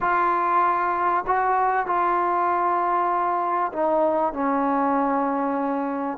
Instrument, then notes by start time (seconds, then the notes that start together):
trombone
0.01 F4
1.27 F#4
1.86 F4
3.73 D#4
4.33 C#4